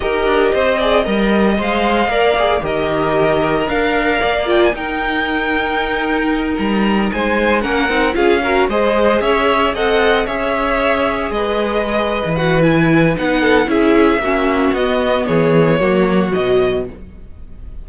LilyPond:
<<
  \new Staff \with { instrumentName = "violin" } { \time 4/4 \tempo 4 = 114 dis''2. f''4~ | f''4 dis''2 f''4~ | f''8 g''16 gis''16 g''2.~ | g''8 ais''4 gis''4 fis''4 f''8~ |
f''8 dis''4 e''4 fis''4 e''8~ | e''4. dis''2 fis''8 | gis''4 fis''4 e''2 | dis''4 cis''2 dis''4 | }
  \new Staff \with { instrumentName = "violin" } { \time 4/4 ais'4 c''8 d''8 dis''2 | d''4 ais'2. | d''4 ais'2.~ | ais'4. c''4 ais'4 gis'8 |
ais'8 c''4 cis''4 dis''4 cis''8~ | cis''4. b'2~ b'8~ | b'4. a'8 gis'4 fis'4~ | fis'4 gis'4 fis'2 | }
  \new Staff \with { instrumentName = "viola" } { \time 4/4 g'4. gis'8 ais'4 c''4 | ais'8 gis'8 g'2 ais'4~ | ais'8 f'8 dis'2.~ | dis'2~ dis'8 cis'8 dis'8 f'8 |
fis'8 gis'2 a'4 gis'8~ | gis'2.~ gis'8 fis'8 | e'4 dis'4 e'4 cis'4 | b2 ais4 fis4 | }
  \new Staff \with { instrumentName = "cello" } { \time 4/4 dis'8 d'8 c'4 g4 gis4 | ais4 dis2 d'4 | ais4 dis'2.~ | dis'8 g4 gis4 ais8 c'8 cis'8~ |
cis'8 gis4 cis'4 c'4 cis'8~ | cis'4. gis4.~ gis16 e8.~ | e4 b4 cis'4 ais4 | b4 e4 fis4 b,4 | }
>>